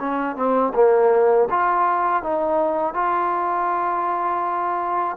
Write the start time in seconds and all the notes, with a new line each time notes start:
0.00 C#4
0.36 C4
0.75 A#3
1.51 F4
2.23 D#4
2.95 F4